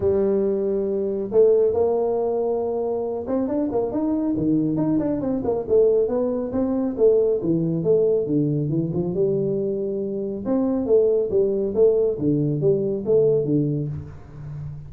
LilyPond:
\new Staff \with { instrumentName = "tuba" } { \time 4/4 \tempo 4 = 138 g2. a4 | ais2.~ ais8 c'8 | d'8 ais8 dis'4 dis4 dis'8 d'8 | c'8 ais8 a4 b4 c'4 |
a4 e4 a4 d4 | e8 f8 g2. | c'4 a4 g4 a4 | d4 g4 a4 d4 | }